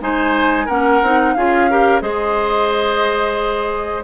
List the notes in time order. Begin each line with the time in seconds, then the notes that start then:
0.00 G#3 D#4 C5 G#5
0.66 A#3 C#4 A#4 F#5
1.02 C4 D#4
1.33 C#4 F4 G#4 F5
1.70 G4 A#4
2.01 G#3 G#4 C5 D#5